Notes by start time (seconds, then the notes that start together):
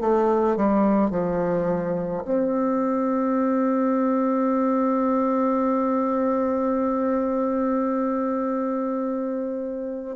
0.00 A3
0.56 G3
1.10 F3
2.24 C4